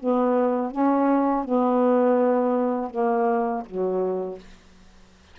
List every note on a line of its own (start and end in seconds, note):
0.00 0.71 B3
0.71 1.44 C#4
1.45 2.90 B3
2.90 3.64 A#3
3.66 4.39 F#3